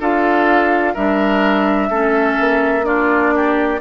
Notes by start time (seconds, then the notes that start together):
0.00 D4 F4 A4 F5
0.94 G3 D4 A#4 E5
1.89 A3 C#4 A4
2.39 A#3
2.83 D4 F4 D5
3.36 G4